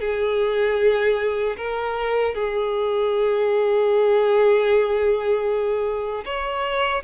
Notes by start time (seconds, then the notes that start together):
0.00 G#4
1.57 A#4
2.34 G#4
6.24 C#5